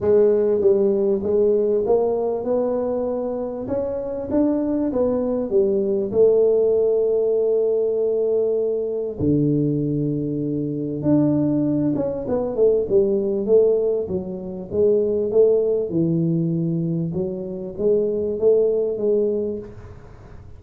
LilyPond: \new Staff \with { instrumentName = "tuba" } { \time 4/4 \tempo 4 = 98 gis4 g4 gis4 ais4 | b2 cis'4 d'4 | b4 g4 a2~ | a2. d4~ |
d2 d'4. cis'8 | b8 a8 g4 a4 fis4 | gis4 a4 e2 | fis4 gis4 a4 gis4 | }